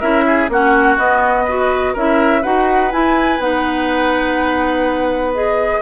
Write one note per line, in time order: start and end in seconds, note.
0.00 0.49 C#4
0.00 0.49 E4
0.00 0.24 A#4
0.00 0.49 E5
0.26 0.50 G#4
0.49 0.97 A#3
0.49 0.99 C#4
0.49 1.44 F#4
0.49 0.98 F#5
0.97 1.94 B3
0.97 1.47 B3
0.97 1.95 D#5
1.44 1.96 F#4
1.44 1.93 B4
1.93 2.44 C#4
1.93 2.43 E4
1.93 2.41 A#4
1.93 2.43 E5
2.41 2.93 D#4
2.41 2.90 F#4
2.41 5.80 B4
2.41 2.92 F#5
2.90 3.39 E4
2.90 3.40 G#5
3.39 5.81 B3
3.39 5.34 D#4
3.39 5.34 F#5
5.34 5.82 G#4
5.34 5.82 D#5